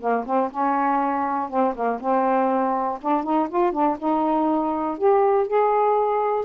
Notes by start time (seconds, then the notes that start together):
0.00 A#3
0.26 C4
0.51 C#4
1.49 C4
1.74 A#3
2.00 C4
3.01 D4
3.23 D#4
3.49 F4
3.72 D4
3.99 D#4
4.97 G4
5.47 G#4